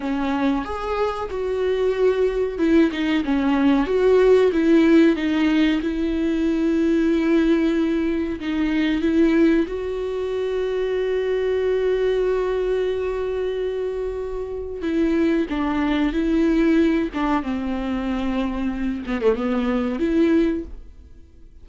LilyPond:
\new Staff \with { instrumentName = "viola" } { \time 4/4 \tempo 4 = 93 cis'4 gis'4 fis'2 | e'8 dis'8 cis'4 fis'4 e'4 | dis'4 e'2.~ | e'4 dis'4 e'4 fis'4~ |
fis'1~ | fis'2. e'4 | d'4 e'4. d'8 c'4~ | c'4. b16 a16 b4 e'4 | }